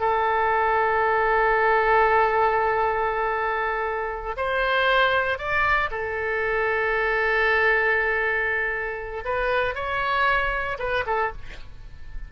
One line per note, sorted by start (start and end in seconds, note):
0.00 4.36 A4
4.37 5.38 C5
5.38 5.90 D5
5.91 9.24 A4
9.25 9.75 B4
9.75 10.77 C#5
10.79 11.04 B4
11.07 11.32 A4